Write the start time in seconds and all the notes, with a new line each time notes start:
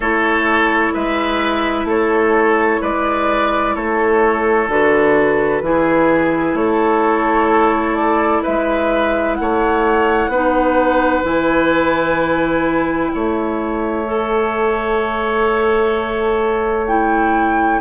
0.00 A3 E4 A4 C#5
0.93 G#3 B4 E5
1.84 A3 A4 C#5
2.81 G#3 B4 D5
3.75 A3 A4 C#5
4.68 D3 F#4 B4
5.62 E3 E4 G#4
6.53 A3 A4 C#5
7.95 D5
8.43 G#3 B4 E5
9.34 A3 F#5
9.41 C#5
10.28 B3 D#4 B4
11.23 E3 E4 G#5
13.12 A3 C#5 E5
14.05 A4
16.87 E4 G5